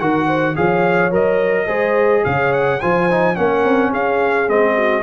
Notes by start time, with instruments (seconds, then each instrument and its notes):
0.00 tuba D#3, trombone F#4, horn A#4, trumpet F#5
0.27 horn C5
0.56 tuba F3, trombone G#4, horn C#5, trumpet F5
1.12 tuba F#3, trombone A#4, trumpet D#5
1.67 tuba G#3, trombone G#4, horn C5
2.25 tuba C#3, horn C#5, trumpet F5
2.53 trumpet F#5
2.81 tuba F3, trombone F4, horn C5, trumpet G#5
3.11 trombone D#4
3.36 tuba A#3, trombone C#4, horn A#4, trumpet F#5
3.65 tuba C4
3.91 tuba C#4, horn G#4, trumpet F5
4.48 tuba G#3, trombone C4, trumpet D#5
4.76 horn F#4